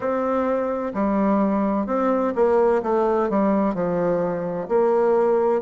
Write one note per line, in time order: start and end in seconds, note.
0.00 0.92 C4
0.94 1.86 G3
1.86 2.33 C4
2.35 2.82 A#3
2.82 3.29 A3
3.29 3.74 G3
3.74 4.68 F3
4.68 5.61 A#3